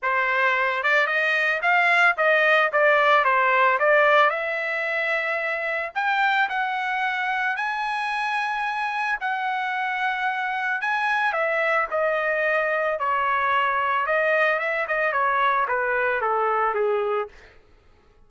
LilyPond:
\new Staff \with { instrumentName = "trumpet" } { \time 4/4 \tempo 4 = 111 c''4. d''8 dis''4 f''4 | dis''4 d''4 c''4 d''4 | e''2. g''4 | fis''2 gis''2~ |
gis''4 fis''2. | gis''4 e''4 dis''2 | cis''2 dis''4 e''8 dis''8 | cis''4 b'4 a'4 gis'4 | }